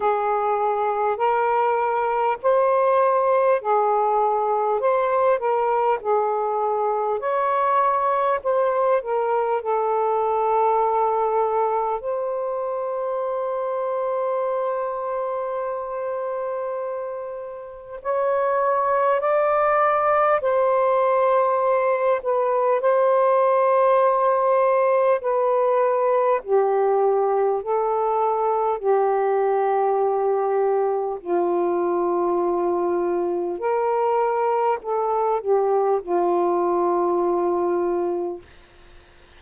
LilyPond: \new Staff \with { instrumentName = "saxophone" } { \time 4/4 \tempo 4 = 50 gis'4 ais'4 c''4 gis'4 | c''8 ais'8 gis'4 cis''4 c''8 ais'8 | a'2 c''2~ | c''2. cis''4 |
d''4 c''4. b'8 c''4~ | c''4 b'4 g'4 a'4 | g'2 f'2 | ais'4 a'8 g'8 f'2 | }